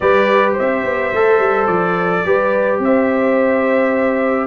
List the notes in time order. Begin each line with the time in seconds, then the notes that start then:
0.00 G3 G4 B4 D5
0.53 C5 E5
0.59 C4
0.84 B3
1.13 A3 A4
1.39 G3
1.66 F3 D5
2.25 G3 G4 B4
2.78 C4 C5 E5